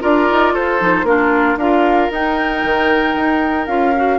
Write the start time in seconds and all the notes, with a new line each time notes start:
0.00 D4 F4 A#4 D5
0.31 D#4
0.53 F4 A4 C5
0.79 F3 D#4
1.03 A#3 D4 F4 A#4
1.57 D4 F4 A#4 F5
2.11 D#4 G5
2.64 D#3
3.15 D#4
3.67 C#4 F4 F5
3.96 F#4